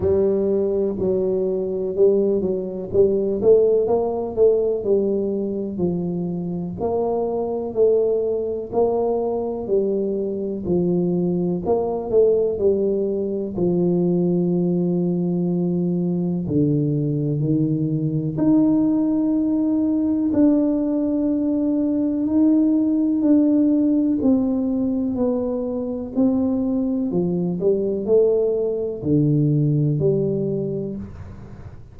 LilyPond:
\new Staff \with { instrumentName = "tuba" } { \time 4/4 \tempo 4 = 62 g4 fis4 g8 fis8 g8 a8 | ais8 a8 g4 f4 ais4 | a4 ais4 g4 f4 | ais8 a8 g4 f2~ |
f4 d4 dis4 dis'4~ | dis'4 d'2 dis'4 | d'4 c'4 b4 c'4 | f8 g8 a4 d4 g4 | }